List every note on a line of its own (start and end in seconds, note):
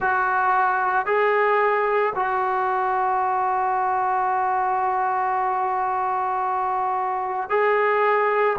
0.00 1.06 F#4
1.06 2.13 G#4
2.15 7.49 F#4
7.49 8.56 G#4